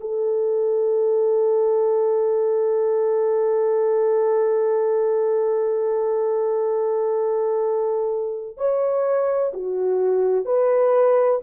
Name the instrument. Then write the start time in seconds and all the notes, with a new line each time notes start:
horn
0.00 A4
8.57 C#5
9.53 F#4
10.45 B4